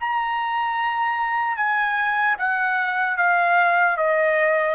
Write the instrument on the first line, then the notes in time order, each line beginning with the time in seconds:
trumpet
0.00 A#5
1.57 G#5
2.38 F#5
3.17 F5
3.97 D#5